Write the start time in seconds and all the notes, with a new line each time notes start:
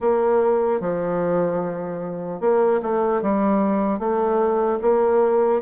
0.00 A#3
0.80 F3
2.40 A#3
2.82 A3
3.21 G3
3.99 A3
4.81 A#3